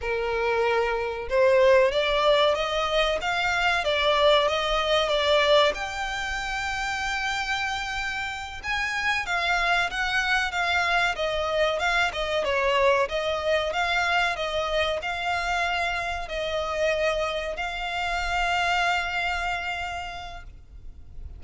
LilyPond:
\new Staff \with { instrumentName = "violin" } { \time 4/4 \tempo 4 = 94 ais'2 c''4 d''4 | dis''4 f''4 d''4 dis''4 | d''4 g''2.~ | g''4. gis''4 f''4 fis''8~ |
fis''8 f''4 dis''4 f''8 dis''8 cis''8~ | cis''8 dis''4 f''4 dis''4 f''8~ | f''4. dis''2 f''8~ | f''1 | }